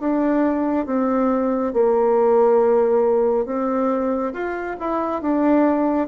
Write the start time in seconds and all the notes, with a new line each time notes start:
0.00 D4
0.87 C4
1.74 A#3
3.46 C4
4.33 F4
4.80 E4
5.22 D4